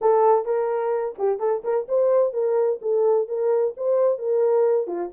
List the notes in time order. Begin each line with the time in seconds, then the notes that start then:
0.01 A4
0.45 A#4
1.18 G4
1.39 A4
1.64 A#4
1.88 C5
2.33 A#4
2.81 A4
3.27 A#4
3.77 C5
4.18 A#4
4.87 F4